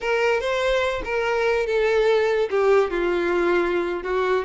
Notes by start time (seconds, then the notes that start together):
0.01 A#4
0.40 C5
1.04 A#4
1.66 A4
2.49 G4
2.90 F4
4.03 F#4